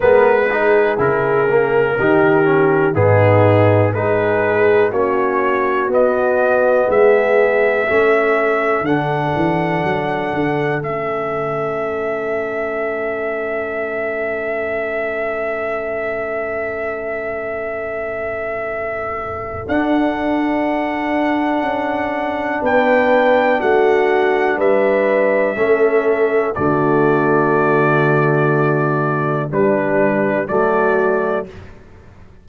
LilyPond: <<
  \new Staff \with { instrumentName = "trumpet" } { \time 4/4 \tempo 4 = 61 b'4 ais'2 gis'4 | b'4 cis''4 dis''4 e''4~ | e''4 fis''2 e''4~ | e''1~ |
e''1 | fis''2. g''4 | fis''4 e''2 d''4~ | d''2 b'4 d''4 | }
  \new Staff \with { instrumentName = "horn" } { \time 4/4 ais'8 gis'4. g'4 dis'4 | gis'4 fis'2 gis'4 | a'1~ | a'1~ |
a'1~ | a'2. b'4 | fis'4 b'4 a'4 fis'4~ | fis'2 d'4 fis'4 | }
  \new Staff \with { instrumentName = "trombone" } { \time 4/4 b8 dis'8 e'8 ais8 dis'8 cis'8 b4 | dis'4 cis'4 b2 | cis'4 d'2 cis'4~ | cis'1~ |
cis'1 | d'1~ | d'2 cis'4 a4~ | a2 g4 a4 | }
  \new Staff \with { instrumentName = "tuba" } { \time 4/4 gis4 cis4 dis4 gis,4 | gis4 ais4 b4 gis4 | a4 d8 e8 fis8 d8 a4~ | a1~ |
a1 | d'2 cis'4 b4 | a4 g4 a4 d4~ | d2 g4 fis4 | }
>>